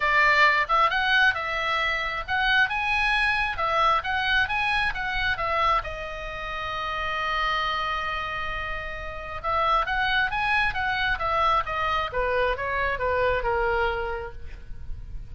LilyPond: \new Staff \with { instrumentName = "oboe" } { \time 4/4 \tempo 4 = 134 d''4. e''8 fis''4 e''4~ | e''4 fis''4 gis''2 | e''4 fis''4 gis''4 fis''4 | e''4 dis''2.~ |
dis''1~ | dis''4 e''4 fis''4 gis''4 | fis''4 e''4 dis''4 b'4 | cis''4 b'4 ais'2 | }